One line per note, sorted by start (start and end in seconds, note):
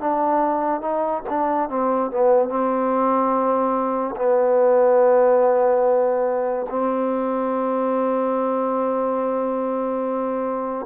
0.00 0.81 D4
0.81 1.23 D#4
1.29 1.69 D4
1.69 2.11 C4
2.11 2.49 B3
2.49 4.16 C4
4.16 6.66 B3
6.70 10.86 C4